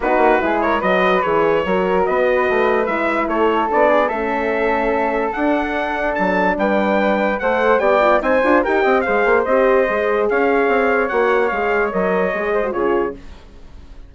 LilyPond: <<
  \new Staff \with { instrumentName = "trumpet" } { \time 4/4 \tempo 4 = 146 b'4. cis''8 dis''4 cis''4~ | cis''4 dis''2 e''4 | cis''4 d''4 e''2~ | e''4 fis''2 a''4 |
g''2 fis''4 g''4 | gis''4 g''4 f''4 dis''4~ | dis''4 f''2 fis''4 | f''4 dis''2 cis''4 | }
  \new Staff \with { instrumentName = "flute" } { \time 4/4 fis'4 gis'8 ais'8 b'2 | ais'4 b'2. | a'4. gis'8 a'2~ | a'1 |
b'2 c''4 d''4 | c''4 ais'8 dis''8 c''2~ | c''4 cis''2.~ | cis''2~ cis''8 c''8 gis'4 | }
  \new Staff \with { instrumentName = "horn" } { \time 4/4 dis'4 e'4 fis'4 gis'4 | fis'2. e'4~ | e'4 d'4 cis'2~ | cis'4 d'2.~ |
d'2 a'4 g'8 f'8 | dis'8 f'8 g'4 gis'4 g'4 | gis'2. fis'4 | gis'4 ais'4 gis'8. fis'16 f'4 | }
  \new Staff \with { instrumentName = "bassoon" } { \time 4/4 b8 ais8 gis4 fis4 e4 | fis4 b4 a4 gis4 | a4 b4 a2~ | a4 d'2 fis4 |
g2 a4 b4 | c'8 d'8 dis'8 c'8 gis8 ais8 c'4 | gis4 cis'4 c'4 ais4 | gis4 fis4 gis4 cis4 | }
>>